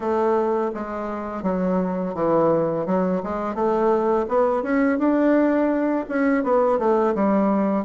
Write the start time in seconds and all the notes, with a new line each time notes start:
0.00 A3
0.74 G#3
1.43 F#3
2.14 E3
2.86 F#3
3.23 G#3
3.54 A3
4.28 B3
4.62 C#4
4.98 D4
6.08 C#4
6.43 B3
6.79 A3
7.15 G3